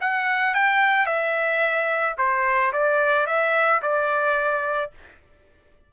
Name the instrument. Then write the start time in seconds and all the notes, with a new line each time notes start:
trumpet
0.00 F#5
0.54 G5
1.06 E5
2.17 C5
2.72 D5
3.26 E5
3.82 D5